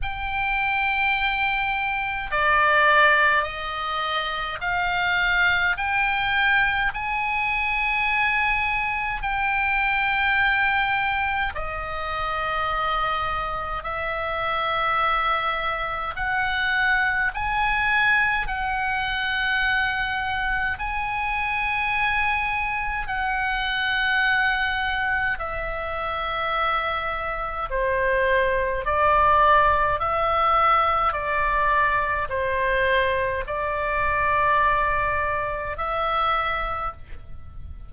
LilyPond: \new Staff \with { instrumentName = "oboe" } { \time 4/4 \tempo 4 = 52 g''2 d''4 dis''4 | f''4 g''4 gis''2 | g''2 dis''2 | e''2 fis''4 gis''4 |
fis''2 gis''2 | fis''2 e''2 | c''4 d''4 e''4 d''4 | c''4 d''2 e''4 | }